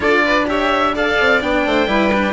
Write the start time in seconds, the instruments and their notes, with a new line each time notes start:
0.00 bassoon D4, cello F4, violin A4, oboe D5
0.24 violin B4
0.47 cello G4, violin C#5, oboe E5
0.94 cello A4, violin D5, oboe F5
1.20 bassoon C4
1.41 bassoon B3, cello D4, oboe G5
1.65 bassoon A3, violin C5
1.87 bassoon G3, cello E4, violin B4
2.13 cello D4